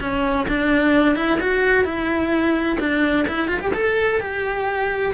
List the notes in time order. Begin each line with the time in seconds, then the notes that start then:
0.00 C#4
0.48 D4
1.15 E4
1.40 F#4
1.84 E4
2.79 D4
3.28 E4
3.48 F4
3.60 G4
3.73 A4
4.20 G4